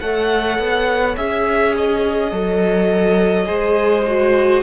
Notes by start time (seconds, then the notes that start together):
0.00 A3 A4 C#5 F#5
0.58 B3
1.17 C#4 G#4 E5
1.76 D#5
2.32 F#3 A4
3.45 G#3 G#4 C5
4.07 F#4